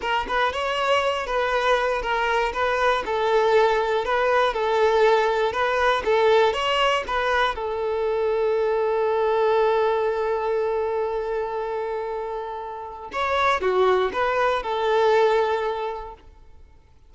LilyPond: \new Staff \with { instrumentName = "violin" } { \time 4/4 \tempo 4 = 119 ais'8 b'8 cis''4. b'4. | ais'4 b'4 a'2 | b'4 a'2 b'4 | a'4 cis''4 b'4 a'4~ |
a'1~ | a'1~ | a'2 cis''4 fis'4 | b'4 a'2. | }